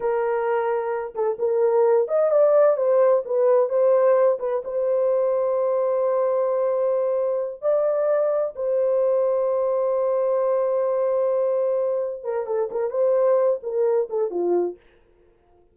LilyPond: \new Staff \with { instrumentName = "horn" } { \time 4/4 \tempo 4 = 130 ais'2~ ais'8 a'8 ais'4~ | ais'8 dis''8 d''4 c''4 b'4 | c''4. b'8 c''2~ | c''1~ |
c''8 d''2 c''4.~ | c''1~ | c''2~ c''8 ais'8 a'8 ais'8 | c''4. ais'4 a'8 f'4 | }